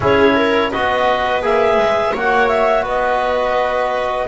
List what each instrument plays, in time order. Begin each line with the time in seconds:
0.00 double bass C#4, trombone E4, viola G#4, clarinet C#5
0.35 viola A#4
0.71 double bass B3, trombone F#4, viola B4, clarinet D#5
1.42 double bass A#3, trombone G#4, clarinet E5
1.76 double bass G#3
2.12 double bass A#3, trombone F#4, viola C#5, clarinet F#5
2.48 clarinet E5
2.83 double bass B3, viola B4, clarinet D#5